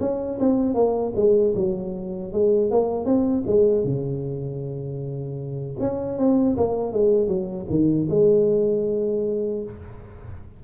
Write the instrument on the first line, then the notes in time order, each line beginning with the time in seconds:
tuba
0.00 C#4
0.40 C4
0.74 A#3
1.16 G#3
1.55 F#3
2.33 G#3
2.71 A#3
3.05 C4
3.46 G#3
3.84 C#3
5.79 C#4
6.18 C4
6.57 A#3
6.92 G#3
7.27 F#3
7.70 D#3
8.09 G#3